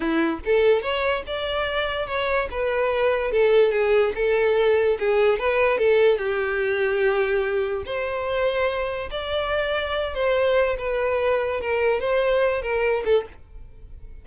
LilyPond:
\new Staff \with { instrumentName = "violin" } { \time 4/4 \tempo 4 = 145 e'4 a'4 cis''4 d''4~ | d''4 cis''4 b'2 | a'4 gis'4 a'2 | gis'4 b'4 a'4 g'4~ |
g'2. c''4~ | c''2 d''2~ | d''8 c''4. b'2 | ais'4 c''4. ais'4 a'8 | }